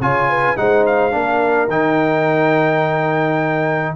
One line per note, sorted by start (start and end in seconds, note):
0.00 0.57 C#3
0.00 0.56 F4
0.00 0.30 C#5
0.00 0.57 G#5
0.30 0.58 B4
0.56 1.14 G#3
0.56 1.11 D#4
0.56 1.15 C5
0.56 0.85 F#5
0.86 1.70 F5
1.11 1.68 A#3
1.11 1.68 D4
1.11 3.96 A#4
1.68 3.95 D#3
1.68 3.96 D#4
1.68 3.96 G5